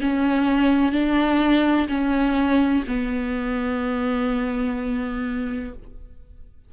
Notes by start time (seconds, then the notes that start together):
0.00 C#4
0.91 D4
1.88 C#4
2.87 B3